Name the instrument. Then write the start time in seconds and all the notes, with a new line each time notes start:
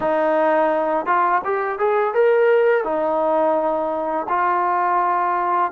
trombone
0.00 D#4
1.06 F4
1.44 G4
1.79 G#4
2.14 A#4
2.83 D#4
4.29 F4